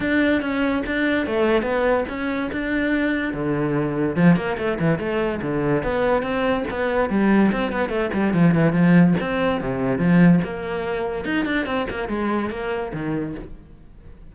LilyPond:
\new Staff \with { instrumentName = "cello" } { \time 4/4 \tempo 4 = 144 d'4 cis'4 d'4 a4 | b4 cis'4 d'2 | d2 f8 ais8 a8 e8 | a4 d4 b4 c'4 |
b4 g4 c'8 b8 a8 g8 | f8 e8 f4 c'4 c4 | f4 ais2 dis'8 d'8 | c'8 ais8 gis4 ais4 dis4 | }